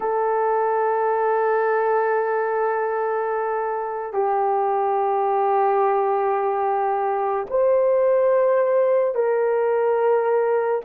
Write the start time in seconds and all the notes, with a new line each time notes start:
0.00 A4
4.12 G4
7.50 C5
9.14 A#4